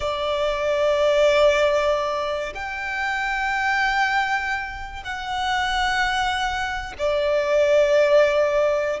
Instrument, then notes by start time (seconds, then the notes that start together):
violin
0.00 D5
2.54 G5
5.03 F#5
6.98 D5